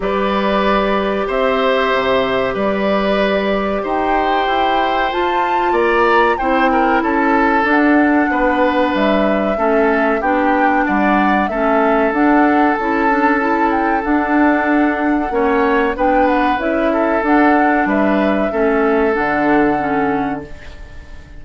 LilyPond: <<
  \new Staff \with { instrumentName = "flute" } { \time 4/4 \tempo 4 = 94 d''2 e''2 | d''2 g''2 | a''4 ais''4 g''4 a''4 | fis''2 e''2 |
g''4 fis''4 e''4 fis''4 | a''4. g''8 fis''2~ | fis''4 g''8 fis''8 e''4 fis''4 | e''2 fis''2 | }
  \new Staff \with { instrumentName = "oboe" } { \time 4/4 b'2 c''2 | b'2 c''2~ | c''4 d''4 c''8 ais'8 a'4~ | a'4 b'2 a'4 |
g'4 d''4 a'2~ | a'1 | cis''4 b'4. a'4. | b'4 a'2. | }
  \new Staff \with { instrumentName = "clarinet" } { \time 4/4 g'1~ | g'1 | f'2 e'2 | d'2. cis'4 |
d'2 cis'4 d'4 | e'8 d'8 e'4 d'2 | cis'4 d'4 e'4 d'4~ | d'4 cis'4 d'4 cis'4 | }
  \new Staff \with { instrumentName = "bassoon" } { \time 4/4 g2 c'4 c4 | g2 dis'4 e'4 | f'4 ais4 c'4 cis'4 | d'4 b4 g4 a4 |
b4 g4 a4 d'4 | cis'2 d'2 | ais4 b4 cis'4 d'4 | g4 a4 d2 | }
>>